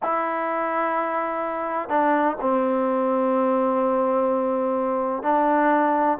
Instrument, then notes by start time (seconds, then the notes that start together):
trombone
0.03 E4
1.89 D4
2.40 C4
5.23 D4